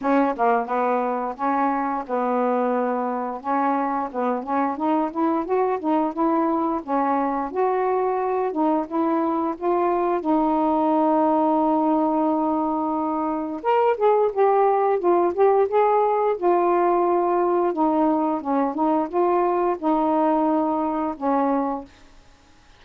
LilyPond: \new Staff \with { instrumentName = "saxophone" } { \time 4/4 \tempo 4 = 88 cis'8 ais8 b4 cis'4 b4~ | b4 cis'4 b8 cis'8 dis'8 e'8 | fis'8 dis'8 e'4 cis'4 fis'4~ | fis'8 dis'8 e'4 f'4 dis'4~ |
dis'1 | ais'8 gis'8 g'4 f'8 g'8 gis'4 | f'2 dis'4 cis'8 dis'8 | f'4 dis'2 cis'4 | }